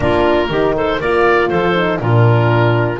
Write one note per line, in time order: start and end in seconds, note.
0.00 0.49 A#3
0.00 0.49 D4
0.00 0.50 F4
0.00 0.75 A#4
0.49 0.99 D#3
0.49 1.01 D#4
0.49 0.75 G4
0.76 1.00 A4
0.76 1.01 C5
1.00 1.50 A#3
1.00 1.74 F4
1.00 1.49 A#4
1.00 1.49 D5
1.49 1.99 F3
1.49 1.99 A4
1.49 1.99 C5
1.74 1.98 D#4
1.98 2.99 A#2
1.98 2.98 D4
1.98 2.99 F4
1.98 2.99 A#4